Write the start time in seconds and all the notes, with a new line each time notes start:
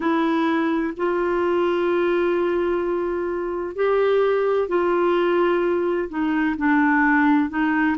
0.00 E4
0.96 F4
3.75 G4
4.68 F4
6.09 D#4
6.57 D4
7.49 D#4